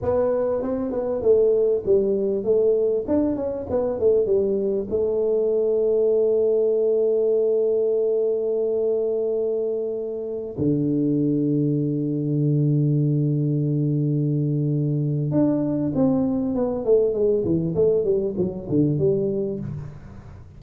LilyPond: \new Staff \with { instrumentName = "tuba" } { \time 4/4 \tempo 4 = 98 b4 c'8 b8 a4 g4 | a4 d'8 cis'8 b8 a8 g4 | a1~ | a1~ |
a4~ a16 d2~ d8.~ | d1~ | d4 d'4 c'4 b8 a8 | gis8 e8 a8 g8 fis8 d8 g4 | }